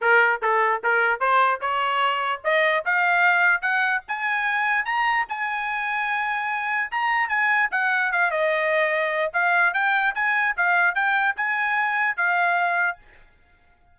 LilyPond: \new Staff \with { instrumentName = "trumpet" } { \time 4/4 \tempo 4 = 148 ais'4 a'4 ais'4 c''4 | cis''2 dis''4 f''4~ | f''4 fis''4 gis''2 | ais''4 gis''2.~ |
gis''4 ais''4 gis''4 fis''4 | f''8 dis''2~ dis''8 f''4 | g''4 gis''4 f''4 g''4 | gis''2 f''2 | }